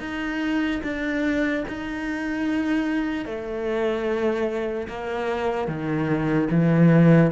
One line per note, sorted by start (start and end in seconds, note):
0.00 0.81 D#4
0.84 1.65 D4
1.68 3.25 D#4
3.25 4.88 A3
4.88 5.68 A#3
5.68 6.49 D#3
6.50 7.32 E3